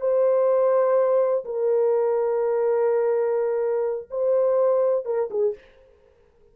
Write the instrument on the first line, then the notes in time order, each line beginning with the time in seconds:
horn
0.00 C5
1.44 A#4
4.10 C5
5.05 A#4
5.30 G#4